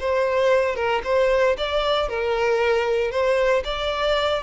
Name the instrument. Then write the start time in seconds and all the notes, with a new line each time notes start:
violin
0.00 C5
0.76 A#4
1.04 C5
1.57 D5
2.09 A#4
3.11 C5
3.65 D5